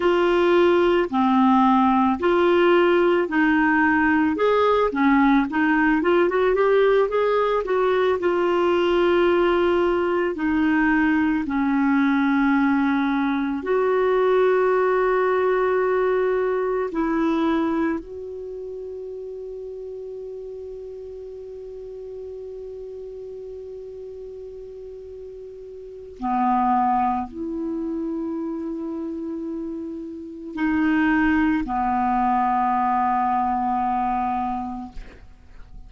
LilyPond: \new Staff \with { instrumentName = "clarinet" } { \time 4/4 \tempo 4 = 55 f'4 c'4 f'4 dis'4 | gis'8 cis'8 dis'8 f'16 fis'16 g'8 gis'8 fis'8 f'8~ | f'4. dis'4 cis'4.~ | cis'8 fis'2. e'8~ |
e'8 fis'2.~ fis'8~ | fis'1 | b4 e'2. | dis'4 b2. | }